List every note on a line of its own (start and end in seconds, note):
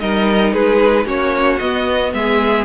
0.00 0.54 G3
0.00 1.05 D#4
0.00 0.55 A#4
0.00 0.53 D#5
0.53 1.06 G#3
0.53 1.06 G#4
0.53 1.07 B4
1.05 1.60 A#3
1.05 1.59 C#4
1.05 2.14 F#4
1.05 1.59 C#5
1.59 2.13 B3
1.59 2.65 B3
1.59 2.13 D#5
2.13 2.65 G#3
2.13 2.65 G#4
2.13 2.65 E5